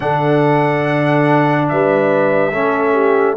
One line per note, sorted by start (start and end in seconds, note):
0.00 1.70 D3
0.00 2.51 D4
0.00 1.70 A4
0.00 1.68 F#5
1.68 2.54 G3
1.68 2.52 B4
1.68 3.36 E5
2.52 3.36 A3
2.52 3.36 C#4
2.52 2.92 A4
2.92 3.34 G4